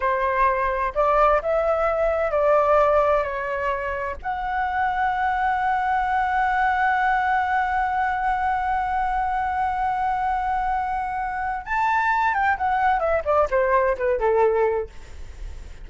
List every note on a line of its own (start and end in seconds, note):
0.00 0.93 C5
0.95 1.41 D5
1.42 2.31 E5
2.31 3.23 D5
3.23 4.16 C#5
4.22 11.65 F#5
11.65 12.34 A5
12.34 12.57 G5
12.57 12.99 F#5
12.99 13.22 E5
13.25 13.48 D5
13.50 13.96 C5
13.97 14.19 B4
14.19 14.89 A4